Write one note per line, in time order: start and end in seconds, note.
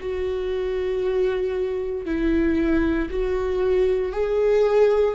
0.00 2.05 F#4
2.05 3.09 E4
3.10 4.12 F#4
4.12 5.15 G#4